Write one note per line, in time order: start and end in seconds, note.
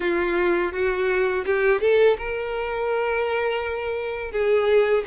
0.00 0.72 F4
0.72 1.45 F#4
1.45 1.81 G4
1.81 2.17 A4
2.18 4.31 A#4
4.31 5.03 G#4